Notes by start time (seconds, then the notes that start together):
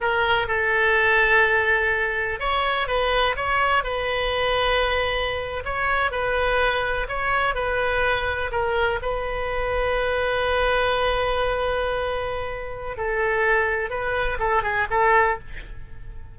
0.00 A#4
0.47 A4
2.39 C#5
2.87 B4
3.36 C#5
3.83 B4
5.64 C#5
6.11 B4
7.08 C#5
7.54 B4
8.51 A#4
9.02 B4
12.97 A4
13.90 B4
14.39 A4
14.62 G#4
14.90 A4